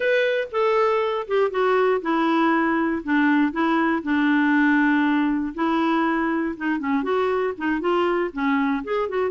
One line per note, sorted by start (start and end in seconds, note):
0.00 0.48 B4
0.51 1.27 A4
1.27 1.50 G4
1.50 2.01 F#4
2.01 3.02 E4
3.03 3.52 D4
3.52 4.02 E4
4.02 5.54 D4
5.54 6.55 E4
6.57 6.79 D#4
6.79 7.03 C#4
7.03 7.53 F#4
7.57 7.80 D#4
7.80 8.30 F4
8.32 8.83 C#4
8.83 9.08 G#4
9.08 9.30 F#4